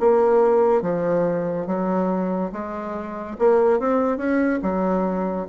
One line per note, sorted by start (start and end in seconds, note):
0.00 0.82 A#3
0.82 1.66 F3
1.67 2.51 F#3
2.52 3.36 G#3
3.38 3.79 A#3
3.79 4.17 C4
4.17 4.59 C#4
4.62 5.47 F#3